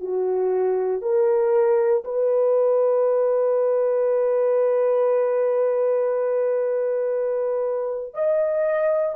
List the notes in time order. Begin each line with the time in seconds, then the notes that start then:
0.00 F#4
1.02 A#4
2.04 B4
8.14 D#5